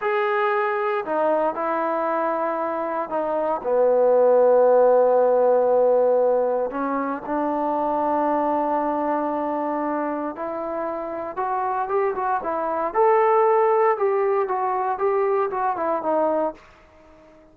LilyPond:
\new Staff \with { instrumentName = "trombone" } { \time 4/4 \tempo 4 = 116 gis'2 dis'4 e'4~ | e'2 dis'4 b4~ | b1~ | b4 cis'4 d'2~ |
d'1 | e'2 fis'4 g'8 fis'8 | e'4 a'2 g'4 | fis'4 g'4 fis'8 e'8 dis'4 | }